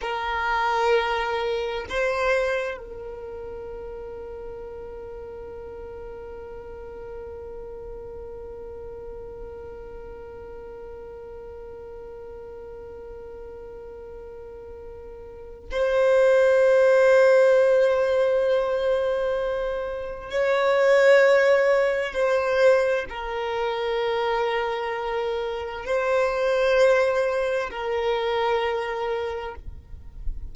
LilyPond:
\new Staff \with { instrumentName = "violin" } { \time 4/4 \tempo 4 = 65 ais'2 c''4 ais'4~ | ais'1~ | ais'1~ | ais'1~ |
ais'4 c''2.~ | c''2 cis''2 | c''4 ais'2. | c''2 ais'2 | }